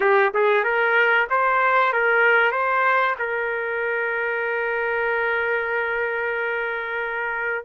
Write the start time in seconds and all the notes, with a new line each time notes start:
0.00 G4
0.34 G#4
0.64 A#4
1.29 C5
1.93 A#4
2.51 C5
3.18 A#4